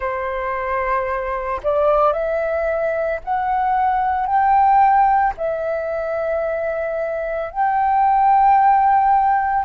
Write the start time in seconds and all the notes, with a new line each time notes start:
0.00 C5
1.63 D5
2.12 E5
3.24 F#5
4.26 G5
5.37 E5
7.50 G5